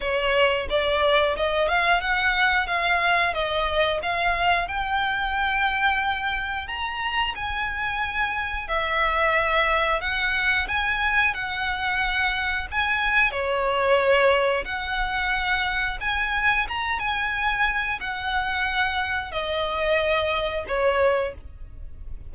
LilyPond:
\new Staff \with { instrumentName = "violin" } { \time 4/4 \tempo 4 = 90 cis''4 d''4 dis''8 f''8 fis''4 | f''4 dis''4 f''4 g''4~ | g''2 ais''4 gis''4~ | gis''4 e''2 fis''4 |
gis''4 fis''2 gis''4 | cis''2 fis''2 | gis''4 ais''8 gis''4. fis''4~ | fis''4 dis''2 cis''4 | }